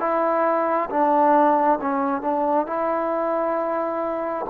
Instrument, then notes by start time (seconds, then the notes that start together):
trombone
0.00 E4
0.90 D4
1.82 C#4
2.22 D4
2.67 E4